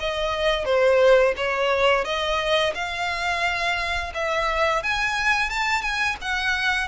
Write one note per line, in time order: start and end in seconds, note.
0.00 0.65 D#5
0.65 1.34 C5
1.37 2.05 C#5
2.05 2.74 D#5
2.75 4.13 F5
4.14 4.83 E5
4.83 5.50 G#5
5.50 5.82 A5
5.82 6.17 G#5
6.22 6.88 F#5